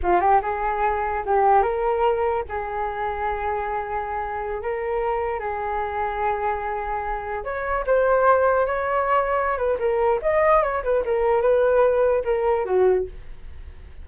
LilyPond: \new Staff \with { instrumentName = "flute" } { \time 4/4 \tempo 4 = 147 f'8 g'8 gis'2 g'4 | ais'2 gis'2~ | gis'2.~ gis'16 ais'8.~ | ais'4~ ais'16 gis'2~ gis'8.~ |
gis'2~ gis'16 cis''4 c''8.~ | c''4~ c''16 cis''2~ cis''16 b'8 | ais'4 dis''4 cis''8 b'8 ais'4 | b'2 ais'4 fis'4 | }